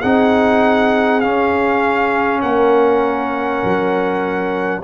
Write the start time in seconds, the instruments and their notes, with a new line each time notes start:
0.00 tuba C4, trombone D#4, horn G#4, trumpet F#5
1.21 trombone C#4, tuba C#4, trumpet F5
2.42 tuba A#3, horn A#4, trumpet F#5
3.64 tuba F#3